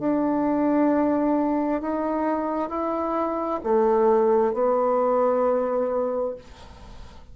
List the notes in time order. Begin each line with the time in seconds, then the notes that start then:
0.00 D4
1.82 D#4
2.69 E4
3.64 A3
4.54 B3